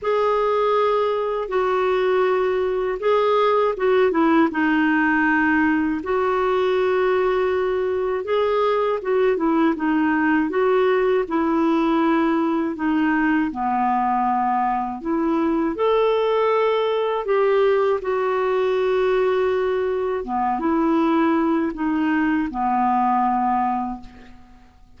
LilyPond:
\new Staff \with { instrumentName = "clarinet" } { \time 4/4 \tempo 4 = 80 gis'2 fis'2 | gis'4 fis'8 e'8 dis'2 | fis'2. gis'4 | fis'8 e'8 dis'4 fis'4 e'4~ |
e'4 dis'4 b2 | e'4 a'2 g'4 | fis'2. b8 e'8~ | e'4 dis'4 b2 | }